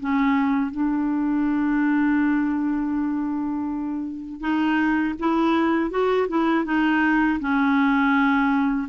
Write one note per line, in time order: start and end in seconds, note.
0.00 0.71 C#4
0.71 4.40 D4
4.40 5.14 D#4
5.20 5.91 E4
5.91 6.28 F#4
6.28 6.65 E4
6.65 7.39 D#4
7.40 8.88 C#4